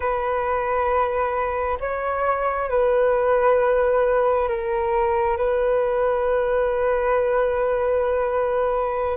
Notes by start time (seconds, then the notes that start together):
0.00 B4
1.80 C#5
2.69 B4
4.48 A#4
5.37 B4